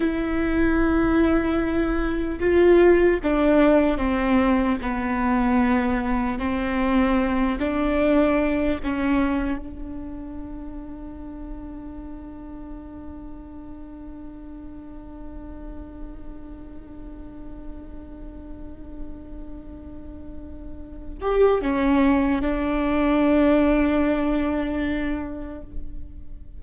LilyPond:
\new Staff \with { instrumentName = "viola" } { \time 4/4 \tempo 4 = 75 e'2. f'4 | d'4 c'4 b2 | c'4. d'4. cis'4 | d'1~ |
d'1~ | d'1~ | d'2~ d'8 g'8 cis'4 | d'1 | }